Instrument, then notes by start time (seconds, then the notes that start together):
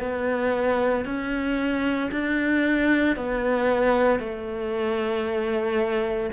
cello
0.00 B3
1.05 C#4
2.11 D4
3.16 B3
4.20 A3